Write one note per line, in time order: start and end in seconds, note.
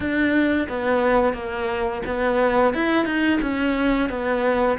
0.00 0.67 D4
0.68 1.33 B3
1.33 2.01 A#3
2.06 2.74 B3
2.74 3.05 E4
3.05 3.39 D#4
3.41 4.09 C#4
4.09 4.78 B3